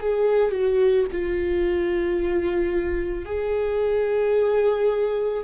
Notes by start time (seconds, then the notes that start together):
0.00 G#4
0.51 F#4
1.12 F4
3.26 G#4